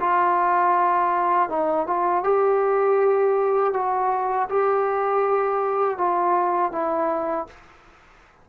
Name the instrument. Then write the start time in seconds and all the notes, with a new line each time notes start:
trombone
0.00 F4
1.49 D#4
1.87 F4
2.24 G4
3.74 F#4
4.50 G4
5.98 F4
6.72 E4